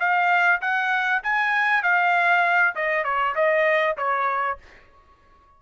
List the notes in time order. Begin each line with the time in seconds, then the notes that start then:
0.00 F5
0.62 F#5
1.24 G#5
1.83 F5
2.76 D#5
3.04 C#5
3.36 D#5
3.98 C#5